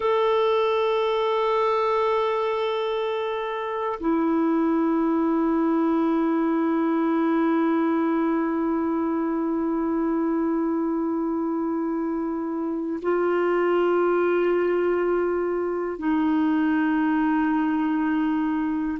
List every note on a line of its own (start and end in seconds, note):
0.00 3.99 A4
4.00 13.00 E4
13.02 15.98 F4
15.98 18.98 D#4